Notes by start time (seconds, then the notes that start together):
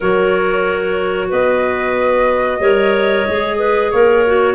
0.00 F#3 F#4 A#4 C#5
1.29 B3 B4 D#5
2.59 G3 A#4 C#5
3.27 G#3 G#4
3.58 B4
3.91 A#3 A#4 C#5
4.26 F#4